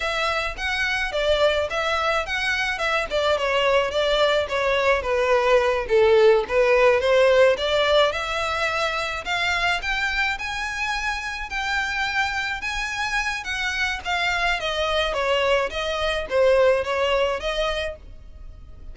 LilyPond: \new Staff \with { instrumentName = "violin" } { \time 4/4 \tempo 4 = 107 e''4 fis''4 d''4 e''4 | fis''4 e''8 d''8 cis''4 d''4 | cis''4 b'4. a'4 b'8~ | b'8 c''4 d''4 e''4.~ |
e''8 f''4 g''4 gis''4.~ | gis''8 g''2 gis''4. | fis''4 f''4 dis''4 cis''4 | dis''4 c''4 cis''4 dis''4 | }